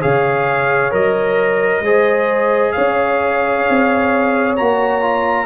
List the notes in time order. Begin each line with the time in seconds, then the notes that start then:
0.00 C#3 G#4 C#5 F5
0.90 F#3 A#4 D#5
1.80 G#3 G#4 C5
2.72 C#4 C#5 F5
3.68 C4
4.56 A#3 F#4 A#5
5.01 F4